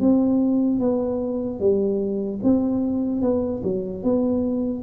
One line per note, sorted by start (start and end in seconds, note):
0.00 0.79 C4
0.79 1.59 B3
1.60 2.40 G3
2.43 3.21 C4
3.21 3.61 B3
3.63 4.03 F#3
4.03 4.83 B3